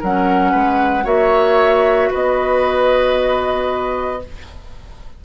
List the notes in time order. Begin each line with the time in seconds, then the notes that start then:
0.00 F#3 C#4 A#4 F#5
0.52 G#3 B4
1.04 A#3 F#4 C#5 E5
2.10 B3 B4 D#5